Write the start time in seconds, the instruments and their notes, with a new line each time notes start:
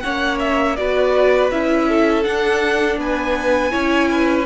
0.00 cello A#3, viola C#4, violin C#5 F#5
0.39 violin E5
0.76 cello B3, viola F#4, violin B4 D5
1.51 cello C#4, viola E4, violin E5
1.88 violin A4
2.23 viola D4, cello D4, violin F#5
2.97 cello B3, violin B4 G#5
3.71 cello C#4, viola E4, violin C#5
4.11 violin B4